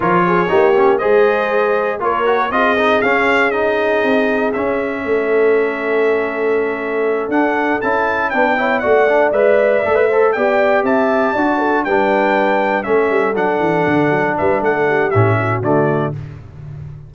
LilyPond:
<<
  \new Staff \with { instrumentName = "trumpet" } { \time 4/4 \tempo 4 = 119 cis''2 dis''2 | cis''4 dis''4 f''4 dis''4~ | dis''4 e''2.~ | e''2~ e''8 fis''4 a''8~ |
a''8 g''4 fis''4 e''4.~ | e''8 g''4 a''2 g''8~ | g''4. e''4 fis''4.~ | fis''8 e''8 fis''4 e''4 d''4 | }
  \new Staff \with { instrumentName = "horn" } { \time 4/4 ais'8 gis'8 g'4 c''2 | ais'4 gis'2.~ | gis'2 a'2~ | a'1~ |
a'8 b'8 cis''8 d''2~ d''8 | c''8 d''4 e''4 d''8 a'8 b'8~ | b'4. a'2~ a'8~ | a'8 b'8 a'8 g'4 fis'4. | }
  \new Staff \with { instrumentName = "trombone" } { \time 4/4 f'4 dis'8 cis'8 gis'2 | f'8 fis'8 f'8 dis'8 cis'4 dis'4~ | dis'4 cis'2.~ | cis'2~ cis'8 d'4 e'8~ |
e'8 d'8 e'8 fis'8 d'8 b'4 a'16 b'16 | a'8 g'2 fis'4 d'8~ | d'4. cis'4 d'4.~ | d'2 cis'4 a4 | }
  \new Staff \with { instrumentName = "tuba" } { \time 4/4 f4 ais4 gis2 | ais4 c'4 cis'2 | c'4 cis'4 a2~ | a2~ a8 d'4 cis'8~ |
cis'8 b4 a4 gis4 a8~ | a8 b4 c'4 d'4 g8~ | g4. a8 g8 fis8 e8 d8 | fis8 g8 a4 a,4 d4 | }
>>